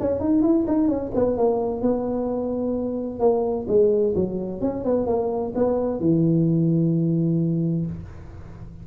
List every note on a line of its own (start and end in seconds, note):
0.00 0.20 C#4
0.20 0.42 D#4
0.42 0.66 E4
0.67 0.88 D#4
0.88 1.11 C#4
1.15 1.37 B3
1.37 1.81 A#3
1.81 3.20 B3
3.20 3.66 A#3
3.68 4.14 G#3
4.15 4.61 F#3
4.61 4.84 C#4
4.84 5.06 B3
5.06 5.53 A#3
5.55 6.00 B3
6.00 7.86 E3